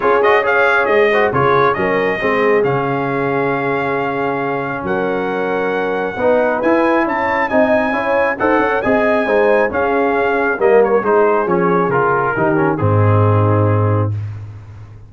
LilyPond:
<<
  \new Staff \with { instrumentName = "trumpet" } { \time 4/4 \tempo 4 = 136 cis''8 dis''8 f''4 dis''4 cis''4 | dis''2 f''2~ | f''2. fis''4~ | fis''2. gis''4 |
a''4 gis''2 fis''4 | gis''2 f''2 | dis''8 cis''8 c''4 cis''4 ais'4~ | ais'4 gis'2. | }
  \new Staff \with { instrumentName = "horn" } { \time 4/4 gis'4 cis''4. c''8 gis'4 | ais'4 gis'2.~ | gis'2. ais'4~ | ais'2 b'2 |
cis''4 dis''4 cis''4 c''8 cis''8 | dis''4 c''4 gis'2 | ais'4 gis'2. | g'4 dis'2. | }
  \new Staff \with { instrumentName = "trombone" } { \time 4/4 f'8 fis'8 gis'4. fis'8 f'4 | cis'4 c'4 cis'2~ | cis'1~ | cis'2 dis'4 e'4~ |
e'4 dis'4 e'4 a'4 | gis'4 dis'4 cis'2 | ais4 dis'4 cis'4 f'4 | dis'8 cis'8 c'2. | }
  \new Staff \with { instrumentName = "tuba" } { \time 4/4 cis'2 gis4 cis4 | fis4 gis4 cis2~ | cis2. fis4~ | fis2 b4 e'4 |
cis'4 c'4 cis'4 dis'8 cis'8 | c'4 gis4 cis'2 | g4 gis4 f4 cis4 | dis4 gis,2. | }
>>